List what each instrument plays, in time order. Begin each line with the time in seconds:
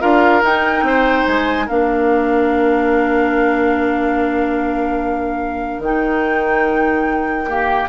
0.00 bassoon D4, clarinet F4, oboe A#4, flute F5
0.42 bassoon D#4, clarinet D#4, flute G5
0.82 bassoon C4, oboe C5
1.26 bassoon G#3, flute G#5
1.66 bassoon A#3, clarinet D4, oboe A#4, flute F5
5.79 bassoon D#3, clarinet D#4, flute G5
7.47 clarinet A#3, oboe G4